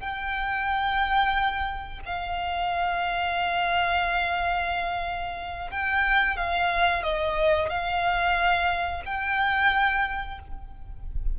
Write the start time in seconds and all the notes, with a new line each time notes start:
0.00 G5
2.06 F5
5.71 G5
6.37 F5
7.03 D#5
7.70 F5
9.06 G5